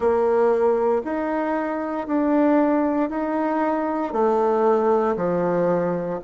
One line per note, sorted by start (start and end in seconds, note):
0.00 1.02 A#3
1.04 2.07 D#4
2.07 3.09 D4
3.09 4.12 D#4
4.12 5.16 A3
5.16 6.19 F3